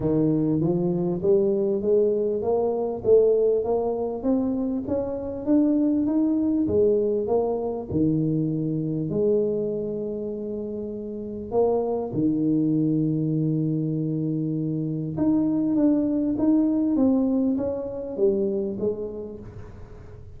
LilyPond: \new Staff \with { instrumentName = "tuba" } { \time 4/4 \tempo 4 = 99 dis4 f4 g4 gis4 | ais4 a4 ais4 c'4 | cis'4 d'4 dis'4 gis4 | ais4 dis2 gis4~ |
gis2. ais4 | dis1~ | dis4 dis'4 d'4 dis'4 | c'4 cis'4 g4 gis4 | }